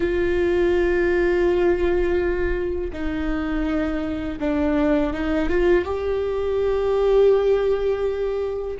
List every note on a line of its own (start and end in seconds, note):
0.00 2.91 F4
2.92 4.39 D#4
4.40 5.13 D4
5.13 5.49 D#4
5.49 5.84 F4
5.84 8.77 G4